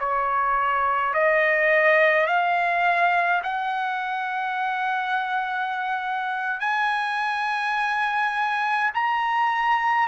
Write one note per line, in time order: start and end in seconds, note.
0.00 1.14 C#5
1.14 2.27 D#5
2.27 3.42 F5
3.44 6.61 F#5
6.61 8.92 G#5
8.95 10.08 A#5